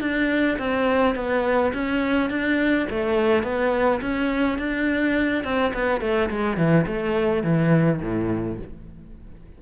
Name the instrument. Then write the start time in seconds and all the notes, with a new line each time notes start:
cello
0.00 D4
0.58 C4
1.15 B3
1.73 C#4
2.30 D4
2.90 A3
3.43 B3
4.01 C#4
4.58 D4
5.44 C4
5.74 B3
6.01 A3
6.30 G#3
6.57 E3
6.86 A3
7.43 E3
8.01 A2